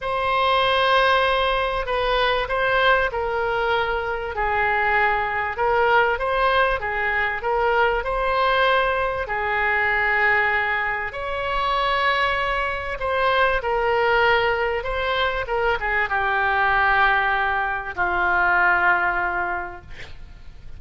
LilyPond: \new Staff \with { instrumentName = "oboe" } { \time 4/4 \tempo 4 = 97 c''2. b'4 | c''4 ais'2 gis'4~ | gis'4 ais'4 c''4 gis'4 | ais'4 c''2 gis'4~ |
gis'2 cis''2~ | cis''4 c''4 ais'2 | c''4 ais'8 gis'8 g'2~ | g'4 f'2. | }